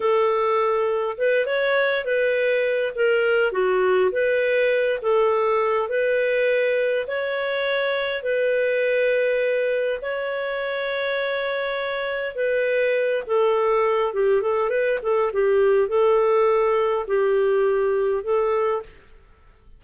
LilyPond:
\new Staff \with { instrumentName = "clarinet" } { \time 4/4 \tempo 4 = 102 a'2 b'8 cis''4 b'8~ | b'4 ais'4 fis'4 b'4~ | b'8 a'4. b'2 | cis''2 b'2~ |
b'4 cis''2.~ | cis''4 b'4. a'4. | g'8 a'8 b'8 a'8 g'4 a'4~ | a'4 g'2 a'4 | }